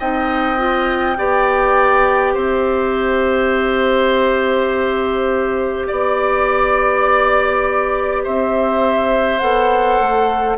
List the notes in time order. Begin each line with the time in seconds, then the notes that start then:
0.00 C4 D#4 D#5 G5
0.58 F4
1.17 B3 G4 D5
2.34 C4 C5 E5
5.88 B3 D5
8.24 C4 C5 E5
9.39 B3 A4 F#5
10.00 A3